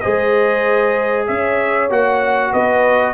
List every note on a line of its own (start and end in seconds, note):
0.00 1.29 G#3
0.00 1.89 G#4
0.00 1.27 C5
0.00 1.25 D#5
1.27 1.90 C#4
1.27 2.51 C#5
1.27 1.89 E5
1.89 2.52 A#3
1.89 3.13 F#4
1.89 2.53 F#5
2.51 3.13 B3
2.51 3.13 B4
2.51 3.13 D#5